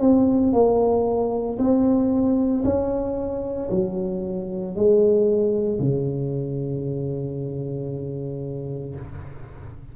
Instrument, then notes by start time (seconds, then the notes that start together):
tuba
0.00 C4
0.53 A#3
1.58 C4
2.64 C#4
3.70 F#3
4.76 G#3
5.79 C#3